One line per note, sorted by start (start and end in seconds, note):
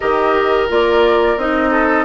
0.00 0.70 D#3
0.00 0.68 G4
0.00 1.70 A#4
0.00 0.69 D#5
0.68 1.36 A#3
0.68 1.37 F4
0.68 1.38 D5
1.36 2.05 C4
1.36 2.05 D#4
1.36 2.05 D#5
1.70 2.05 A4